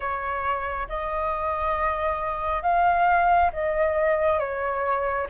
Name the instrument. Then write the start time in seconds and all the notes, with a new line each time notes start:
flute
0.00 C#5
0.88 D#5
2.62 F5
3.53 D#5
4.39 C#5